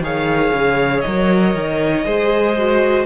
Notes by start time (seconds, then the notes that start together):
0.00 D#3 G#4 C#5 F5
0.53 C#3
1.01 F#3 A#4 D#5
1.55 D#3
2.05 G#3 G#4 C5
2.57 F#4